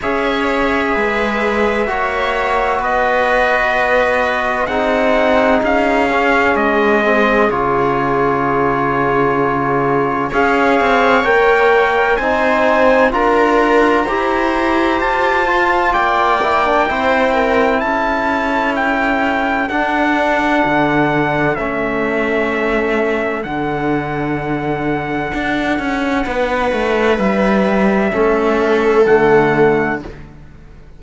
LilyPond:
<<
  \new Staff \with { instrumentName = "trumpet" } { \time 4/4 \tempo 4 = 64 e''2. dis''4~ | dis''4 fis''4 f''4 dis''4 | cis''2. f''4 | g''4 gis''4 ais''2 |
a''4 g''2 a''4 | g''4 fis''2 e''4~ | e''4 fis''2.~ | fis''4 e''2 fis''4 | }
  \new Staff \with { instrumentName = "viola" } { \time 4/4 cis''4 b'4 cis''4 b'4~ | b'4 gis'2.~ | gis'2. cis''4~ | cis''4 c''4 ais'4 c''4~ |
c''4 d''4 c''8 ais'8 a'4~ | a'1~ | a'1 | b'2 a'2 | }
  \new Staff \with { instrumentName = "trombone" } { \time 4/4 gis'2 fis'2~ | fis'4 dis'4. cis'4 c'8 | f'2. gis'4 | ais'4 dis'4 f'4 g'4~ |
g'8 f'4 e'16 d'16 e'2~ | e'4 d'2 cis'4~ | cis'4 d'2.~ | d'2 cis'4 a4 | }
  \new Staff \with { instrumentName = "cello" } { \time 4/4 cis'4 gis4 ais4 b4~ | b4 c'4 cis'4 gis4 | cis2. cis'8 c'8 | ais4 c'4 d'4 e'4 |
f'4 ais4 c'4 cis'4~ | cis'4 d'4 d4 a4~ | a4 d2 d'8 cis'8 | b8 a8 g4 a4 d4 | }
>>